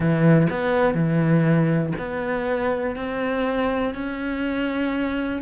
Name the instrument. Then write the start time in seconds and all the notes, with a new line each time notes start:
cello
0.00 E3
0.50 B3
0.94 E3
1.98 B3
2.96 C4
3.94 C#4